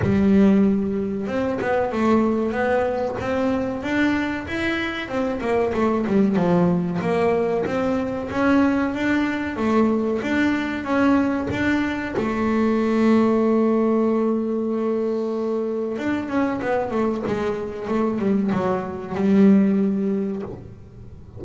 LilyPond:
\new Staff \with { instrumentName = "double bass" } { \time 4/4 \tempo 4 = 94 g2 c'8 b8 a4 | b4 c'4 d'4 e'4 | c'8 ais8 a8 g8 f4 ais4 | c'4 cis'4 d'4 a4 |
d'4 cis'4 d'4 a4~ | a1~ | a4 d'8 cis'8 b8 a8 gis4 | a8 g8 fis4 g2 | }